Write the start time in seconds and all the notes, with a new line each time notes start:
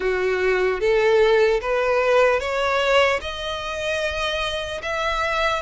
0.00 F#4
0.80 A4
1.61 B4
2.40 C#5
3.21 D#5
4.82 E5